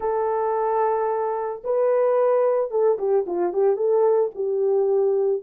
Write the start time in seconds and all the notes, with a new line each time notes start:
0.00 A4
1.64 B4
2.70 A4
2.98 G4
3.26 F4
3.53 G4
3.76 A4
4.34 G4